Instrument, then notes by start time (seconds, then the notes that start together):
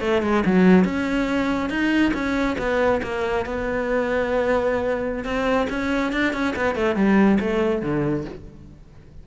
cello
0.00 A3
0.22 G#3
0.45 F#3
0.84 C#4
1.69 D#4
2.13 C#4
2.58 B3
3.02 A#3
3.45 B3
5.24 C4
5.69 C#4
6.12 D4
6.33 C#4
6.56 B3
6.75 A3
6.95 G3
7.40 A3
7.81 D3